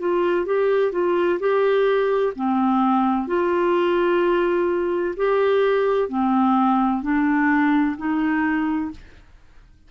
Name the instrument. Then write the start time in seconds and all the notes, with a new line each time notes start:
clarinet
0.00 F4
0.46 G4
0.92 F4
1.40 G4
2.36 C4
3.28 F4
5.17 G4
6.09 C4
7.03 D4
7.97 D#4